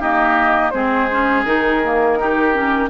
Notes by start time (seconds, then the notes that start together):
0.00 A#3 D#4 G4 D#5
0.71 G#3 C4 G#4 C5
1.11 C#4
1.45 D#3 D#4 A#4
1.85 A#3
2.19 D#4 G4
2.54 C#4